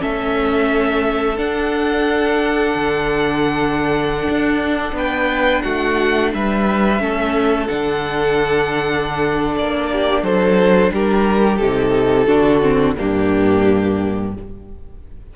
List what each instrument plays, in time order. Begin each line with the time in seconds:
0.00 cello A3, viola C#4, violin A4 E5
1.38 viola D4, cello D4, violin F#5
2.75 cello D3
4.30 cello D4
4.93 cello B3, violin B4 G5
5.62 cello A3, violin F#4 F#5
6.34 cello G3, violin B4 E5
6.99 cello A3, viola C#4, violin A4
7.68 cello D3, viola D4, violin F#5
9.57 cello A#3, violin D5
9.92 violin G4
10.23 cello F#3, violin A4 C5
10.91 cello G3, violin G4 A#4
11.58 cello C3, viola D#4, violin A4
12.27 cello D3, viola D4, violin F#4
12.62 viola C4
12.96 cello G2, viola A#3, violin D4 G4